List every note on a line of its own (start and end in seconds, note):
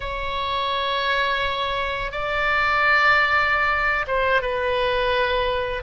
0.00 2.11 C#5
2.11 4.05 D5
4.07 4.41 C5
4.41 5.82 B4